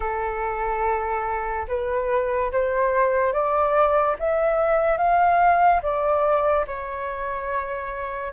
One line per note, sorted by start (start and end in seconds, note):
0.00 1.66 A4
1.68 2.51 B4
2.52 3.32 C5
3.32 4.16 D5
4.19 4.97 E5
4.97 5.81 F5
5.82 6.65 D5
6.67 8.32 C#5